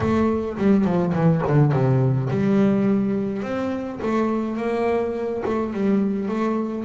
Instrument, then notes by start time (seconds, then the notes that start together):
double bass
0.00 A3
0.57 G3
0.84 F3
1.13 E3
1.47 D3
1.71 C3
2.30 G3
3.42 C4
4.02 A3
4.57 A#3
5.45 A3
5.73 G3
6.28 A3